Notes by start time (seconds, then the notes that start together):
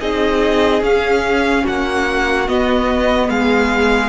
0.00 C4 D#4 G#4 D#5
0.81 C#4 F5
1.64 A#3 F#4 F#5
2.47 B3 D#5
3.29 G#3 G#4 F5